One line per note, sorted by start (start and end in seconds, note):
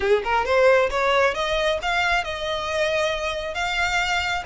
0.00 0.22 G#4
0.23 0.45 A#4
0.45 0.89 C5
0.90 1.34 C#5
1.34 1.78 D#5
1.82 2.23 F5
2.23 3.54 D#5
3.54 4.43 F5